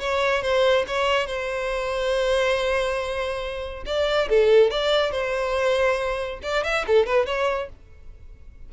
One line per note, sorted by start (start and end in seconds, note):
0.00 0.42 C#5
0.42 0.85 C5
0.87 1.27 C#5
1.27 3.84 C5
3.86 4.29 D5
4.29 4.71 A4
4.71 5.12 D5
5.12 6.40 C5
6.43 6.64 D5
6.64 6.85 E5
6.87 7.06 A4
7.06 7.26 B4
7.26 7.69 C#5